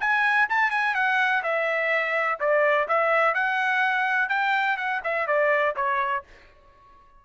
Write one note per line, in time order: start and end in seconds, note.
0.00 0.48 G#5
0.50 0.70 A5
0.70 0.94 G#5
0.95 1.43 F#5
1.43 2.39 E5
2.40 2.88 D5
2.88 3.34 E5
3.34 4.29 F#5
4.29 4.77 G5
4.77 5.01 F#5
5.04 5.27 E5
5.27 5.75 D5
5.76 6.24 C#5